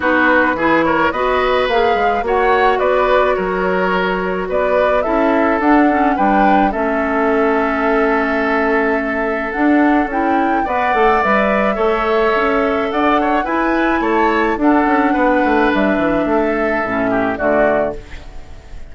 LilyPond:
<<
  \new Staff \with { instrumentName = "flute" } { \time 4/4 \tempo 4 = 107 b'4. cis''8 dis''4 f''4 | fis''4 d''4 cis''2 | d''4 e''4 fis''4 g''4 | e''1~ |
e''4 fis''4 g''4 fis''4 | e''2. fis''4 | gis''4 a''4 fis''2 | e''2. d''4 | }
  \new Staff \with { instrumentName = "oboe" } { \time 4/4 fis'4 gis'8 ais'8 b'2 | cis''4 b'4 ais'2 | b'4 a'2 b'4 | a'1~ |
a'2. d''4~ | d''4 cis''2 d''8 cis''8 | b'4 cis''4 a'4 b'4~ | b'4 a'4. g'8 fis'4 | }
  \new Staff \with { instrumentName = "clarinet" } { \time 4/4 dis'4 e'4 fis'4 gis'4 | fis'1~ | fis'4 e'4 d'8 cis'8 d'4 | cis'1~ |
cis'4 d'4 e'4 b'8 a'8 | b'4 a'2. | e'2 d'2~ | d'2 cis'4 a4 | }
  \new Staff \with { instrumentName = "bassoon" } { \time 4/4 b4 e4 b4 ais8 gis8 | ais4 b4 fis2 | b4 cis'4 d'4 g4 | a1~ |
a4 d'4 cis'4 b8 a8 | g4 a4 cis'4 d'4 | e'4 a4 d'8 cis'8 b8 a8 | g8 e8 a4 a,4 d4 | }
>>